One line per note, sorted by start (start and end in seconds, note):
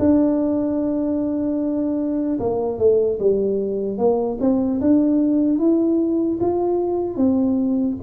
0.00 2.40 D4
2.40 2.79 A#3
2.79 3.19 A3
3.20 3.99 G3
3.99 4.39 A#3
4.41 4.81 C4
4.81 5.59 D4
5.59 6.39 E4
6.41 7.17 F4
7.17 7.97 C4